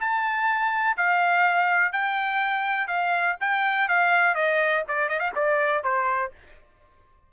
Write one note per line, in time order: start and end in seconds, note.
0.00 0.97 A5
0.97 1.92 F5
1.92 2.88 G5
2.88 3.37 F5
3.41 3.89 G5
3.89 4.35 F5
4.35 4.84 D#5
4.88 5.09 D5
5.09 5.19 D#5
5.19 5.31 F5
5.35 5.84 D5
5.84 6.32 C5